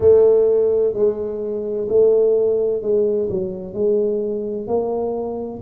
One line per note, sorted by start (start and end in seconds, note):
0.00 0.93 A3
0.93 1.87 G#3
1.88 2.82 A3
2.82 3.29 G#3
3.29 3.73 F#3
3.73 4.67 G#3
4.67 5.60 A#3